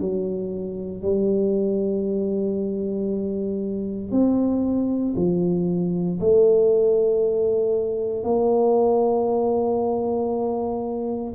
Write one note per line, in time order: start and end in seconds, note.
0.00 1.02 F#3
1.02 4.11 G3
4.11 5.15 C4
5.16 6.19 F3
6.20 8.24 A3
8.24 11.34 A#3